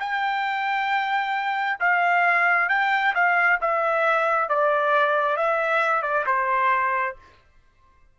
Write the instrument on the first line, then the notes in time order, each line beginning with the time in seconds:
trumpet
0.00 G5
1.80 F5
2.69 G5
3.15 F5
3.61 E5
4.49 D5
5.37 E5
6.02 D5
6.26 C5